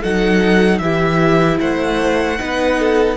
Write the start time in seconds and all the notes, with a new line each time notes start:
0.00 F#3 D#4 A4 F#5
0.78 E3 E4 G4 E5
1.60 A3 C5 F#5
2.38 B3 D#4 B4
2.79 A4